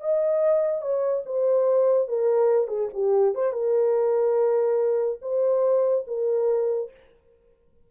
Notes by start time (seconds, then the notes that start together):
0.00 D#5
0.81 C#5
1.25 C5
2.08 A#4
2.67 G#4
2.93 G4
3.34 C5
3.52 A#4
5.21 C5
6.07 A#4